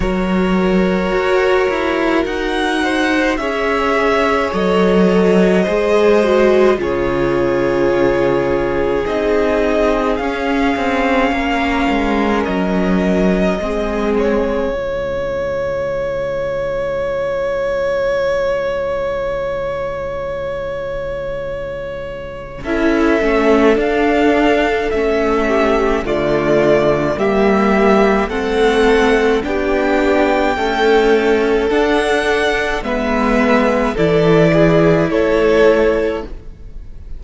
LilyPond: <<
  \new Staff \with { instrumentName = "violin" } { \time 4/4 \tempo 4 = 53 cis''2 fis''4 e''4 | dis''2 cis''2 | dis''4 f''2 dis''4~ | dis''8 cis''2.~ cis''8~ |
cis''1 | e''4 f''4 e''4 d''4 | e''4 fis''4 g''2 | fis''4 e''4 d''4 cis''4 | }
  \new Staff \with { instrumentName = "violin" } { \time 4/4 ais'2~ ais'8 c''8 cis''4~ | cis''4 c''4 gis'2~ | gis'2 ais'2 | gis'4 f'2.~ |
f'1 | a'2~ a'8 g'8 f'4 | g'4 a'4 g'4 a'4~ | a'4 b'4 a'8 gis'8 a'4 | }
  \new Staff \with { instrumentName = "viola" } { \time 4/4 fis'2. gis'4 | a'4 gis'8 fis'8 f'2 | dis'4 cis'2. | c'4 gis2.~ |
gis1 | e'8 cis'8 d'4 cis'4 a4 | ais4 c'4 d'4 a4 | d'4 b4 e'2 | }
  \new Staff \with { instrumentName = "cello" } { \time 4/4 fis4 fis'8 e'8 dis'4 cis'4 | fis4 gis4 cis2 | c'4 cis'8 c'8 ais8 gis8 fis4 | gis4 cis2.~ |
cis1 | cis'8 a8 d'4 a4 d4 | g4 a4 b4 cis'4 | d'4 gis4 e4 a4 | }
>>